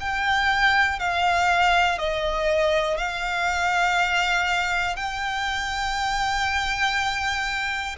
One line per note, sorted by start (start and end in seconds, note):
0.00 0.99 G5
0.99 1.99 F5
1.99 2.98 D#5
2.98 4.96 F5
4.96 7.96 G5